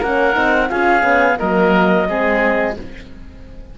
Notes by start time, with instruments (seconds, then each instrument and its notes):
0.00 cello A#3, horn C#4, oboe A#4, clarinet F#5
0.34 cello C4, horn D#4
0.70 cello C#4, horn F4, oboe G#4, clarinet F5
1.01 cello B3, horn C#4
1.39 cello F#3, horn A#3, oboe A#4, clarinet D#5
2.08 cello G#3, horn C4, oboe G#4